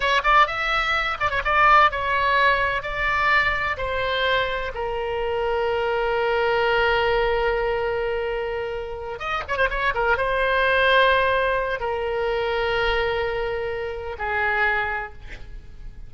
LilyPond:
\new Staff \with { instrumentName = "oboe" } { \time 4/4 \tempo 4 = 127 cis''8 d''8 e''4. d''16 cis''16 d''4 | cis''2 d''2 | c''2 ais'2~ | ais'1~ |
ais'2.~ ais'8 dis''8 | cis''16 c''16 cis''8 ais'8 c''2~ c''8~ | c''4 ais'2.~ | ais'2 gis'2 | }